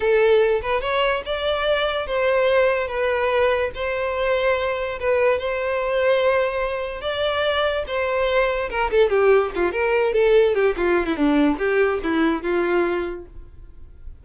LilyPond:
\new Staff \with { instrumentName = "violin" } { \time 4/4 \tempo 4 = 145 a'4. b'8 cis''4 d''4~ | d''4 c''2 b'4~ | b'4 c''2. | b'4 c''2.~ |
c''4 d''2 c''4~ | c''4 ais'8 a'8 g'4 f'8 ais'8~ | ais'8 a'4 g'8 f'8. e'16 d'4 | g'4 e'4 f'2 | }